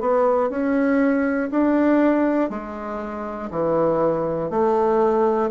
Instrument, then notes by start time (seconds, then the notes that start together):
bassoon
0.00 B3
0.50 C#4
1.51 D4
2.50 G#3
3.50 E3
4.50 A3